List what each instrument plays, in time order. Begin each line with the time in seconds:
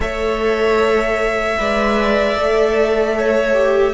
0.00 cello A3, viola A4, violin C#5 E5
1.58 cello G#3, viola B4, violin D5
2.35 cello A3, viola A4
3.17 violin C#5
3.53 viola G4